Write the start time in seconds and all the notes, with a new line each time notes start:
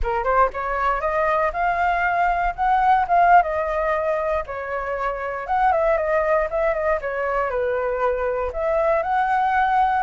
0.02 A#4
0.24 C5
0.53 C#5
1.00 D#5
1.53 F5
2.55 F#5
3.08 F5
3.42 D#5
4.46 C#5
5.46 F#5
5.72 E5
5.97 D#5
6.50 E5
6.73 D#5
7.01 C#5
7.50 B4
8.52 E5
9.03 F#5